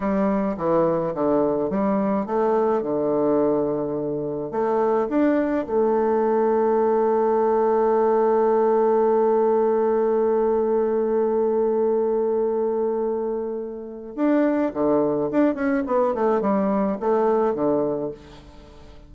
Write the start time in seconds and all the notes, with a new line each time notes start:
0.00 G3
0.57 E3
1.14 D3
1.70 G3
2.26 A3
2.82 D3
4.51 A3
5.09 D4
5.66 A3
14.15 D4
14.73 D3
15.31 D4
15.54 C#4
15.86 B3
16.14 A3
16.41 G3
16.99 A3
17.54 D3